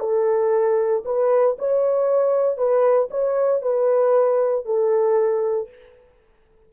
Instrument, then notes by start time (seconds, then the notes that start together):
horn
0.00 A4
1.05 B4
1.59 C#5
2.58 B4
3.11 C#5
3.62 B4
4.66 A4